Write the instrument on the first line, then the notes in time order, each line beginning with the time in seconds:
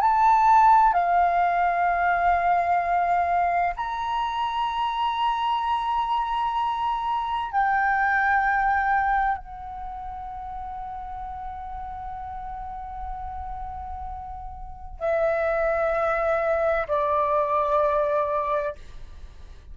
flute
0.00 A5
0.93 F5
3.76 A#5
7.51 G5
9.37 F#5
14.99 E5
16.87 D5